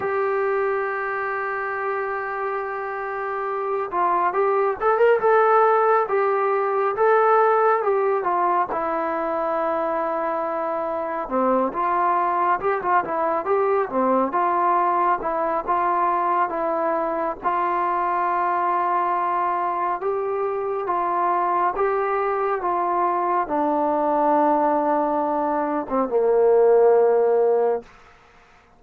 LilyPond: \new Staff \with { instrumentName = "trombone" } { \time 4/4 \tempo 4 = 69 g'1~ | g'8 f'8 g'8 a'16 ais'16 a'4 g'4 | a'4 g'8 f'8 e'2~ | e'4 c'8 f'4 g'16 f'16 e'8 g'8 |
c'8 f'4 e'8 f'4 e'4 | f'2. g'4 | f'4 g'4 f'4 d'4~ | d'4.~ d'16 c'16 ais2 | }